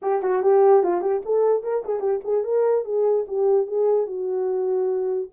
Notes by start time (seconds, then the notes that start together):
0.01 G4
0.22 F#4
0.42 G4
0.83 F4
1.01 G4
1.25 A4
1.63 A#4
1.84 G#4
1.99 G4
2.24 G#4
2.44 A#4
2.85 G#4
3.27 G4
3.67 G#4
4.06 F#4